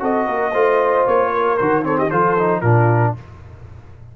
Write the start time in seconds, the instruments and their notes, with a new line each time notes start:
0.00 tuba C4, trombone F#4, horn A4, trumpet D#5
0.26 tuba A#3, horn A#4
0.53 tuba A3, trombone F4, horn C5
1.07 tuba A#3, trumpet C#5
1.33 horn A#4
1.57 tuba D#3, trombone F#4, trumpet C5
1.83 trombone C4, horn A4, trumpet C#5
1.98 horn G4, trumpet D#5
2.11 tuba F3, trombone F4, horn A4, trumpet C5
2.38 trombone D#4
2.61 tuba A#2, trombone D4, horn F4, trumpet A#4